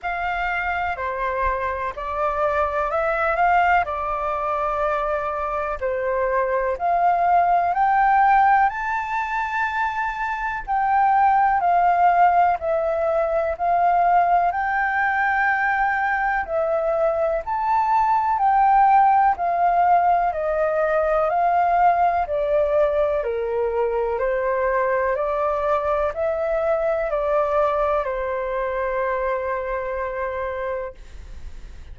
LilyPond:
\new Staff \with { instrumentName = "flute" } { \time 4/4 \tempo 4 = 62 f''4 c''4 d''4 e''8 f''8 | d''2 c''4 f''4 | g''4 a''2 g''4 | f''4 e''4 f''4 g''4~ |
g''4 e''4 a''4 g''4 | f''4 dis''4 f''4 d''4 | ais'4 c''4 d''4 e''4 | d''4 c''2. | }